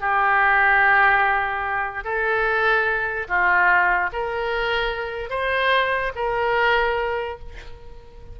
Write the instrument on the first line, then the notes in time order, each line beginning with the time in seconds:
oboe
0.00 G4
2.04 A4
3.28 F4
4.12 A#4
5.30 C5
6.15 A#4